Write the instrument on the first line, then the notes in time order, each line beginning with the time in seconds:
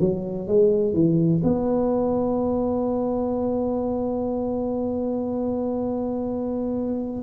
tuba
0.00 F#3
0.48 G#3
0.94 E3
1.43 B3